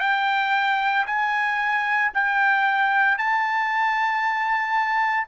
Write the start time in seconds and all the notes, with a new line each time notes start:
0.00 G5
1.06 G#5
2.14 G5
3.18 A5